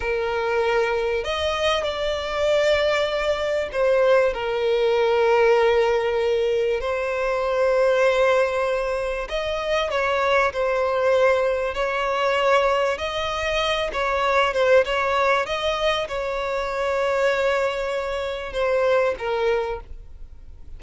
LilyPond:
\new Staff \with { instrumentName = "violin" } { \time 4/4 \tempo 4 = 97 ais'2 dis''4 d''4~ | d''2 c''4 ais'4~ | ais'2. c''4~ | c''2. dis''4 |
cis''4 c''2 cis''4~ | cis''4 dis''4. cis''4 c''8 | cis''4 dis''4 cis''2~ | cis''2 c''4 ais'4 | }